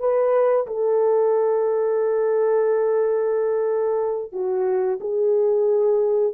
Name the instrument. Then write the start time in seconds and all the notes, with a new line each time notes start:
horn
0.00 B4
0.67 A4
4.33 F#4
5.01 G#4